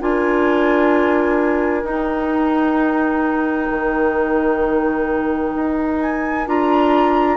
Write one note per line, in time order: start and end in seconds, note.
0.00 1.84 D4
0.00 1.84 F4
0.00 7.37 A#4
0.00 1.86 G#5
1.84 3.69 D#4
1.84 6.46 D#4
1.84 6.01 G5
3.71 5.55 D#3
5.56 6.47 D#4
6.01 6.47 G#5
6.47 7.37 D4
6.47 7.37 F4
6.47 7.37 A#5